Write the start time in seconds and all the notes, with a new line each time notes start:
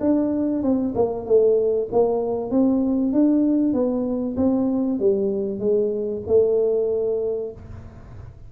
0.00 D4
0.62 C4
0.95 A#3
1.26 A3
1.91 A#3
2.50 C4
3.12 D4
3.73 B3
4.37 C4
4.99 G3
5.59 G#3
6.27 A3